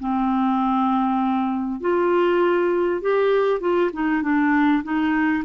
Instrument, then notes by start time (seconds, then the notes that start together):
clarinet
0.00 C4
1.81 F4
3.01 G4
3.60 F4
3.93 D#4
4.22 D4
4.83 D#4